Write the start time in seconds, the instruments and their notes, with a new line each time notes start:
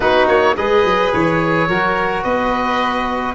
0.00 tuba B3, trombone D#4, violin F#4, oboe B4
0.27 tuba A#3, oboe C#5
0.56 tuba G#3, trombone G#4, violin B4, oboe D#5
0.84 tuba F#3
1.13 tuba E3, oboe C#5
1.67 tuba F#3, trombone F#4, violin A#4
2.23 tuba B3, violin B4, oboe D#5